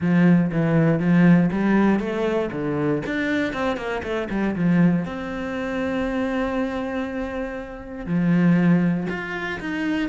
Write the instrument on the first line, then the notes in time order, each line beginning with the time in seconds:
cello
0.00 F3
0.52 E3
0.99 F3
1.51 G3
1.99 A3
2.52 D3
3.05 D4
3.53 C4
3.76 A#3
4.03 A3
4.30 G3
4.55 F3
5.05 C4
8.06 F3
9.09 F4
9.60 D#4